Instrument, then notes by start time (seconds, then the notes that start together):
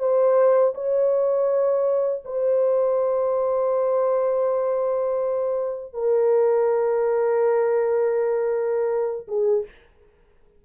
horn
0.00 C5
0.75 C#5
2.25 C5
5.94 A#4
9.29 G#4